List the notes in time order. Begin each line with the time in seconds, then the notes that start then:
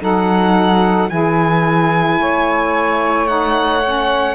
0.00 F#3 D#4 A4 F#5
1.10 E3 E4 G#4 G#5
2.19 A3 C#5
3.27 D#4 F#5
3.84 C#4